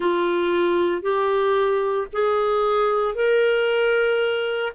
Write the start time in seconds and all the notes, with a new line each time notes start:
0.00 F4
1.01 G4
2.12 G#4
3.14 A#4